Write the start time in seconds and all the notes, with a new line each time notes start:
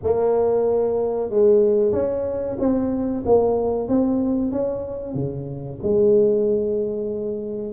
0.03 A#3
1.30 G#3
1.92 C#4
2.59 C4
3.25 A#3
3.88 C4
4.51 C#4
5.14 C#3
5.82 G#3